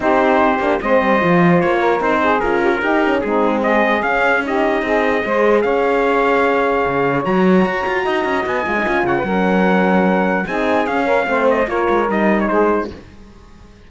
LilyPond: <<
  \new Staff \with { instrumentName = "trumpet" } { \time 4/4 \tempo 4 = 149 c''2 dis''2 | cis''4 c''4 ais'2 | gis'4 dis''4 f''4 dis''4~ | dis''2 f''2~ |
f''2 ais''2~ | ais''4 gis''4. fis''4.~ | fis''2 gis''4 f''4~ | f''8 dis''8 cis''4 dis''8. cis''16 c''4 | }
  \new Staff \with { instrumentName = "saxophone" } { \time 4/4 g'2 c''2~ | c''8 ais'4 gis'4 g'16 f'16 g'4 | dis'4 gis'2 g'4 | gis'4 c''4 cis''2~ |
cis''1 | dis''2~ dis''8 cis''16 b'16 ais'4~ | ais'2 gis'4. ais'8 | c''4 ais'2 gis'4 | }
  \new Staff \with { instrumentName = "horn" } { \time 4/4 dis'4. d'8 c'4 f'4~ | f'4 dis'4 f'4 dis'8 cis'8 | c'2 cis'4 dis'4~ | dis'4 gis'2.~ |
gis'2 fis'2~ | fis'4. f'16 dis'16 f'4 cis'4~ | cis'2 dis'4 cis'4 | c'4 f'4 dis'2 | }
  \new Staff \with { instrumentName = "cello" } { \time 4/4 c'4. ais8 gis8 g8 f4 | ais4 c'4 cis'4 dis'4 | gis2 cis'2 | c'4 gis4 cis'2~ |
cis'4 cis4 fis4 fis'8 f'8 | dis'8 cis'8 b8 gis8 cis'8 cis8 fis4~ | fis2 c'4 cis'4 | a4 ais8 gis8 g4 gis4 | }
>>